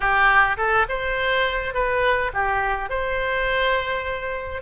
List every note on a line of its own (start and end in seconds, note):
0.00 0.56 G4
0.57 0.86 A4
0.88 1.74 C5
1.74 2.31 B4
2.33 2.89 G4
2.89 4.62 C5